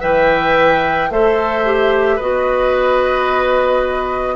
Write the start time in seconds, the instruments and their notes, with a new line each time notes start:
0.00 bassoon E3, clarinet B4, oboe E5, flute G5
1.10 bassoon A3, clarinet A4, oboe C5, flute E5
1.65 clarinet G4
2.16 bassoon B3, clarinet F#4, oboe B4, flute D#5